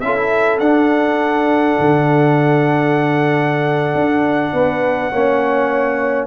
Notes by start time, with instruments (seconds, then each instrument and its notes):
0.00 tuba C#4, trombone F4, horn A4, trumpet E5
0.16 trombone E4
0.59 tuba D4, trombone D4, trumpet F#5
1.79 tuba D3
3.94 tuba D4
4.53 tuba B3, horn B4
5.11 tuba A#3, trombone C#4, horn C#5